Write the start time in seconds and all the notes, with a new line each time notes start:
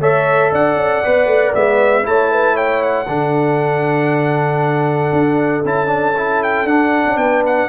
0.00 A3 A4 C#5 E5
0.52 D4 D5 F#5
0.75 C#4
1.04 B3 B4
1.26 A3
1.53 G#3 B3 E5
2.03 A3 E4 C#5 A5
2.32 B4
2.54 C#5 G5
2.82 F#5
3.08 D3 D4 A4
5.12 D4
5.65 C#4 E4 A5
5.87 D4
6.17 E4
6.43 G5
6.65 D4 F#5
7.07 C#4
7.16 B3 B4 G5
7.46 F#5